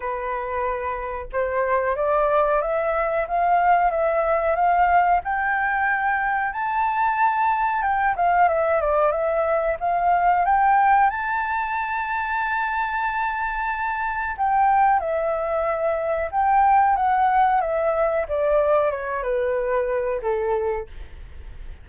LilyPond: \new Staff \with { instrumentName = "flute" } { \time 4/4 \tempo 4 = 92 b'2 c''4 d''4 | e''4 f''4 e''4 f''4 | g''2 a''2 | g''8 f''8 e''8 d''8 e''4 f''4 |
g''4 a''2.~ | a''2 g''4 e''4~ | e''4 g''4 fis''4 e''4 | d''4 cis''8 b'4. a'4 | }